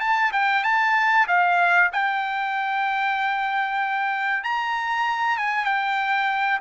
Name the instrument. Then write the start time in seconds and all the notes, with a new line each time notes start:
trumpet
0.00 A5
0.32 G5
0.64 A5
1.28 F5
1.92 G5
4.44 A#5
5.38 G#5
5.65 G5